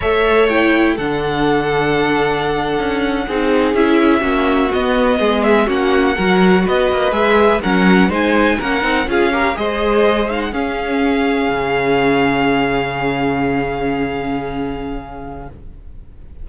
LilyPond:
<<
  \new Staff \with { instrumentName = "violin" } { \time 4/4 \tempo 4 = 124 e''4 g''4 fis''2~ | fis''2.~ fis''8. e''16~ | e''4.~ e''16 dis''4. e''8 fis''16~ | fis''4.~ fis''16 dis''4 e''4 fis''16~ |
fis''8. gis''4 fis''4 f''4 dis''16~ | dis''4~ dis''16 f''16 fis''16 f''2~ f''16~ | f''1~ | f''1 | }
  \new Staff \with { instrumentName = "violin" } { \time 4/4 cis''2 a'2~ | a'2~ a'8. gis'4~ gis'16~ | gis'8. fis'2 gis'4 fis'16~ | fis'8. ais'4 b'2 ais'16~ |
ais'8. c''4 ais'4 gis'8 ais'8 c''16~ | c''4.~ c''16 gis'2~ gis'16~ | gis'1~ | gis'1 | }
  \new Staff \with { instrumentName = "viola" } { \time 4/4 a'4 e'4 d'2~ | d'2~ d'8. dis'4 e'16~ | e'8. cis'4 b2 cis'16~ | cis'8. fis'2 gis'4 cis'16~ |
cis'8. dis'4 cis'8 dis'8 f'8 g'8 gis'16~ | gis'4~ gis'16 dis'8 cis'2~ cis'16~ | cis'1~ | cis'1 | }
  \new Staff \with { instrumentName = "cello" } { \time 4/4 a2 d2~ | d4.~ d16 cis'4 c'4 cis'16~ | cis'8. ais4 b4 gis4 ais16~ | ais8. fis4 b8 ais8 gis4 fis16~ |
fis8. gis4 ais8 c'8 cis'4 gis16~ | gis4.~ gis16 cis'2 cis16~ | cis1~ | cis1 | }
>>